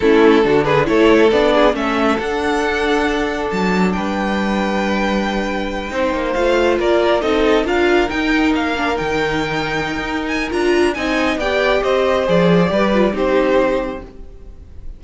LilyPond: <<
  \new Staff \with { instrumentName = "violin" } { \time 4/4 \tempo 4 = 137 a'4. b'8 cis''4 d''4 | e''4 fis''2. | a''4 g''2.~ | g''2~ g''8 f''4 d''8~ |
d''8 dis''4 f''4 g''4 f''8~ | f''8 g''2. gis''8 | ais''4 gis''4 g''4 dis''4 | d''2 c''2 | }
  \new Staff \with { instrumentName = "violin" } { \time 4/4 e'4 fis'8 gis'8 a'4. gis'8 | a'1~ | a'4 b'2.~ | b'4. c''2 ais'8~ |
ais'8 a'4 ais'2~ ais'8~ | ais'1~ | ais'4 dis''4 d''4 c''4~ | c''4 b'4 g'2 | }
  \new Staff \with { instrumentName = "viola" } { \time 4/4 cis'4 d'4 e'4 d'4 | cis'4 d'2.~ | d'1~ | d'4. dis'4 f'4.~ |
f'8 dis'4 f'4 dis'4. | d'8 dis'2.~ dis'8 | f'4 dis'4 g'2 | gis'4 g'8 f'8 dis'2 | }
  \new Staff \with { instrumentName = "cello" } { \time 4/4 a4 d4 a4 b4 | a4 d'2. | fis4 g2.~ | g4. c'8 ais8 a4 ais8~ |
ais8 c'4 d'4 dis'4 ais8~ | ais8 dis2~ dis16 dis'4~ dis'16 | d'4 c'4 b4 c'4 | f4 g4 c'2 | }
>>